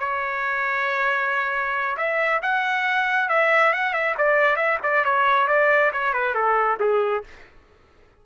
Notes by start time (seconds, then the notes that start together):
0.00 C#5
1.97 E5
2.42 F#5
3.29 E5
3.73 F#5
3.94 E5
4.18 D5
4.57 E5
4.84 D5
5.05 C#5
5.48 D5
5.93 C#5
6.14 B4
6.35 A4
6.80 G#4